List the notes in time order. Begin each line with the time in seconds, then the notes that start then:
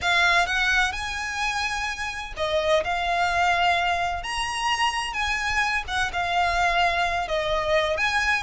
0.01 F5
0.46 F#5
0.92 G#5
2.37 D#5
2.84 F5
4.23 A#5
5.13 G#5
5.87 F#5
6.12 F5
7.28 D#5
7.97 G#5